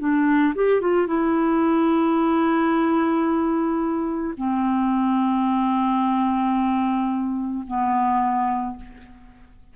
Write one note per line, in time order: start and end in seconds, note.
0.00 0.55 D4
0.56 0.82 G4
0.82 1.08 F4
1.08 4.35 E4
4.37 7.65 C4
7.68 8.77 B3